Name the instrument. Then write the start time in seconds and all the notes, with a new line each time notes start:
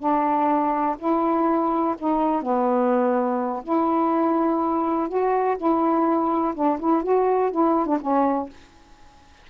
saxophone
0.00 D4
0.99 E4
1.99 D#4
2.43 B3
3.64 E4
5.09 F#4
5.58 E4
6.55 D4
6.80 E4
7.04 F#4
7.52 E4
7.87 D4
8.01 C#4